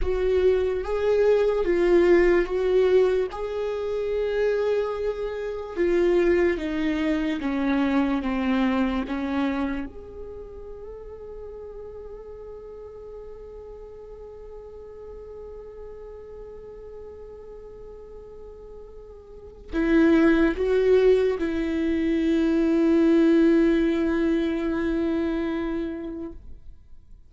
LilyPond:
\new Staff \with { instrumentName = "viola" } { \time 4/4 \tempo 4 = 73 fis'4 gis'4 f'4 fis'4 | gis'2. f'4 | dis'4 cis'4 c'4 cis'4 | gis'1~ |
gis'1~ | gis'1 | e'4 fis'4 e'2~ | e'1 | }